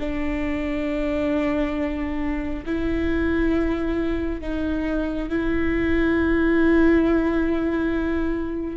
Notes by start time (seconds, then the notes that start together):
0.00 D4
2.66 E4
4.41 D#4
5.29 E4